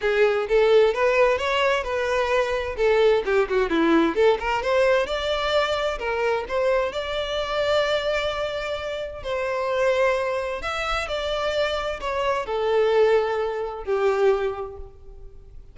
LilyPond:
\new Staff \with { instrumentName = "violin" } { \time 4/4 \tempo 4 = 130 gis'4 a'4 b'4 cis''4 | b'2 a'4 g'8 fis'8 | e'4 a'8 ais'8 c''4 d''4~ | d''4 ais'4 c''4 d''4~ |
d''1 | c''2. e''4 | d''2 cis''4 a'4~ | a'2 g'2 | }